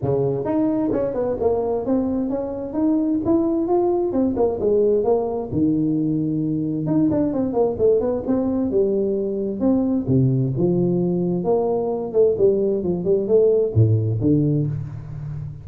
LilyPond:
\new Staff \with { instrumentName = "tuba" } { \time 4/4 \tempo 4 = 131 cis4 dis'4 cis'8 b8 ais4 | c'4 cis'4 dis'4 e'4 | f'4 c'8 ais8 gis4 ais4 | dis2. dis'8 d'8 |
c'8 ais8 a8 b8 c'4 g4~ | g4 c'4 c4 f4~ | f4 ais4. a8 g4 | f8 g8 a4 a,4 d4 | }